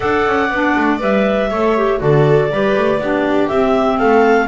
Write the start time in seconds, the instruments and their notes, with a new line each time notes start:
0.00 double bass D4, clarinet A4 F#5, viola D5
0.27 double bass C#4
0.50 double bass B3, clarinet D4
0.76 double bass A3
0.99 double bass G3, clarinet B4 E5
1.49 double bass A3, clarinet A4, viola C#5
1.77 clarinet G4
1.99 double bass D3, clarinet F#4 D5, viola A4
2.50 double bass G3, clarinet G4, viola B4
2.76 double bass A3
2.99 double bass B3, clarinet D4, viola G4
3.48 clarinet C4 E5, double bass C4
3.98 double bass A3, viola A4, clarinet F5